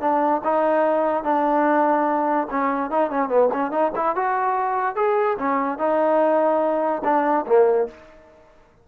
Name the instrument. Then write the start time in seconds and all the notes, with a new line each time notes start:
trombone
0.00 D4
0.43 D#4
1.23 D4
2.50 C#4
2.90 D#4
3.10 C#4
3.28 B3
3.53 C#4
3.71 D#4
3.95 E4
4.15 F#4
4.95 G#4
5.38 C#4
5.78 D#4
7.04 D4
7.46 A#3